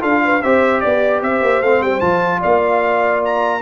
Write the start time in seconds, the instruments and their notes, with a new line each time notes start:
0.00 tuba D4, trombone F4, horn A4, trumpet F5
0.24 horn B4
0.42 tuba C4, trombone G4, horn C5, trumpet E5
0.80 tuba B3, trumpet D5, horn D5
1.22 tuba C4, horn C5, trumpet E5
1.41 tuba A#3
1.62 tuba A3, trombone C4, trumpet F5
1.81 tuba G3, trumpet G5
2.00 tuba F3, trombone F4, trumpet A5
2.40 tuba A#3, horn D5, trumpet F5
3.25 trumpet A#5